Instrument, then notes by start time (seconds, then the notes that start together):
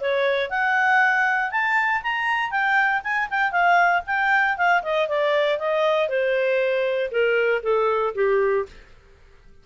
clarinet
0.00 C#5
0.50 F#5
1.51 A5
2.03 A#5
2.51 G5
3.03 G#5
3.30 G5
3.51 F5
4.06 G5
4.57 F5
4.83 D#5
5.08 D5
5.59 D#5
6.08 C5
7.11 A#4
7.63 A4
8.15 G4